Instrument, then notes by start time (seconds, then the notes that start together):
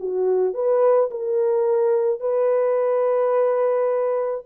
horn
0.00 F#4
0.54 B4
1.11 A#4
2.20 B4